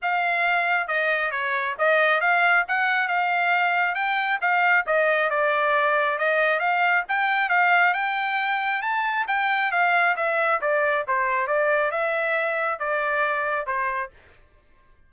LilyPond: \new Staff \with { instrumentName = "trumpet" } { \time 4/4 \tempo 4 = 136 f''2 dis''4 cis''4 | dis''4 f''4 fis''4 f''4~ | f''4 g''4 f''4 dis''4 | d''2 dis''4 f''4 |
g''4 f''4 g''2 | a''4 g''4 f''4 e''4 | d''4 c''4 d''4 e''4~ | e''4 d''2 c''4 | }